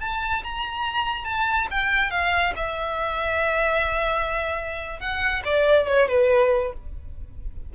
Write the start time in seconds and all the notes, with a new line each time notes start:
0.00 A5
0.43 A#5
1.25 A5
1.71 G5
2.11 F5
2.56 E5
5.00 F#5
5.45 D5
5.87 C#5
6.09 B4